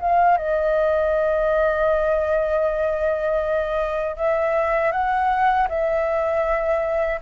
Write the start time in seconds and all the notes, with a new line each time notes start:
0.00 F5
0.37 D#5
4.16 E5
4.92 F#5
5.68 E5